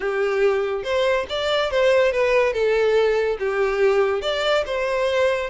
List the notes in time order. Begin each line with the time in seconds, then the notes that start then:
0.00 G4
0.83 C5
1.29 D5
1.71 C5
2.12 B4
2.53 A4
3.39 G4
4.21 D5
4.66 C5